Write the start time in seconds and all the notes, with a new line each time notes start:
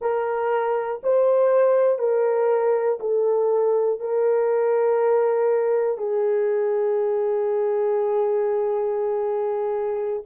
0.01 A#4
1.03 C5
1.99 A#4
3.00 A4
4.00 A#4
5.97 G#4